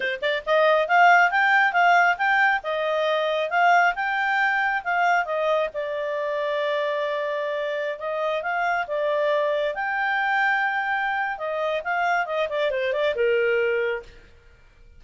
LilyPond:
\new Staff \with { instrumentName = "clarinet" } { \time 4/4 \tempo 4 = 137 c''8 d''8 dis''4 f''4 g''4 | f''4 g''4 dis''2 | f''4 g''2 f''4 | dis''4 d''2.~ |
d''2~ d''16 dis''4 f''8.~ | f''16 d''2 g''4.~ g''16~ | g''2 dis''4 f''4 | dis''8 d''8 c''8 d''8 ais'2 | }